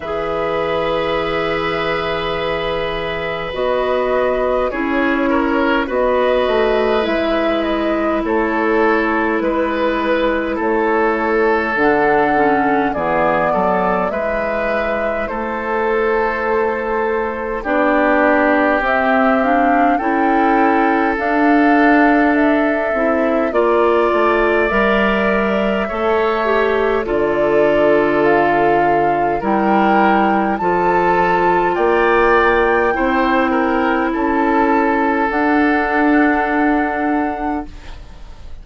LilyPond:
<<
  \new Staff \with { instrumentName = "flute" } { \time 4/4 \tempo 4 = 51 e''2. dis''4 | cis''4 dis''4 e''8 dis''8 cis''4 | b'4 cis''4 fis''4 d''4 | e''4 c''2 d''4 |
e''8 f''8 g''4 f''4 e''4 | d''4 e''2 d''4 | f''4 g''4 a''4 g''4~ | g''4 a''4 fis''2 | }
  \new Staff \with { instrumentName = "oboe" } { \time 4/4 b'1 | gis'8 ais'8 b'2 a'4 | b'4 a'2 gis'8 a'8 | b'4 a'2 g'4~ |
g'4 a'2. | d''2 cis''4 a'4~ | a'4 ais'4 a'4 d''4 | c''8 ais'8 a'2. | }
  \new Staff \with { instrumentName = "clarinet" } { \time 4/4 gis'2. fis'4 | e'4 fis'4 e'2~ | e'2 d'8 cis'8 b4 | e'2. d'4 |
c'8 d'8 e'4 d'4. e'8 | f'4 ais'4 a'8 g'8 f'4~ | f'4 e'4 f'2 | e'2 d'2 | }
  \new Staff \with { instrumentName = "bassoon" } { \time 4/4 e2. b4 | cis'4 b8 a8 gis4 a4 | gis4 a4 d4 e8 fis8 | gis4 a2 b4 |
c'4 cis'4 d'4. c'8 | ais8 a8 g4 a4 d4~ | d4 g4 f4 ais4 | c'4 cis'4 d'2 | }
>>